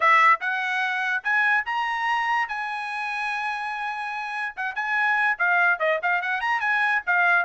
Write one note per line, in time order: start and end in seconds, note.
0.00 0.40 E5
0.40 1.23 F#5
1.23 1.65 G#5
1.65 2.48 A#5
2.48 4.55 G#5
4.56 4.75 F#5
4.75 5.37 G#5
5.38 5.79 F5
5.79 6.00 D#5
6.02 6.21 F5
6.21 6.40 F#5
6.40 6.60 A#5
6.60 7.01 G#5
7.06 7.45 F5